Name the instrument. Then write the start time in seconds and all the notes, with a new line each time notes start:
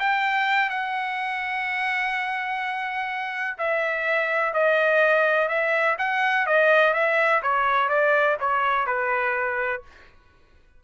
trumpet
0.00 G5
0.70 F#5
3.59 E5
4.54 D#5
5.49 E5
5.99 F#5
6.47 D#5
6.94 E5
7.43 C#5
7.89 D5
8.41 C#5
8.87 B4